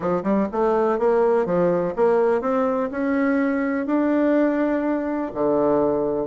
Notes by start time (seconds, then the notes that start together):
0.00 F3
0.23 G3
0.51 A3
0.99 A#3
1.45 F3
1.96 A#3
2.41 C4
2.91 C#4
3.86 D4
5.34 D3